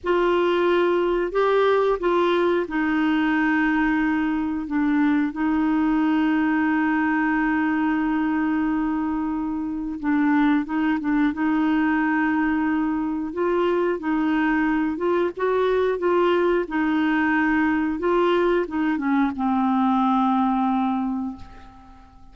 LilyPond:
\new Staff \with { instrumentName = "clarinet" } { \time 4/4 \tempo 4 = 90 f'2 g'4 f'4 | dis'2. d'4 | dis'1~ | dis'2. d'4 |
dis'8 d'8 dis'2. | f'4 dis'4. f'8 fis'4 | f'4 dis'2 f'4 | dis'8 cis'8 c'2. | }